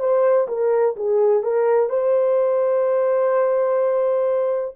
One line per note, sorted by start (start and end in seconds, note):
0.00 0.48 C5
0.48 0.95 A#4
0.96 1.43 G#4
1.43 1.90 A#4
1.90 4.75 C5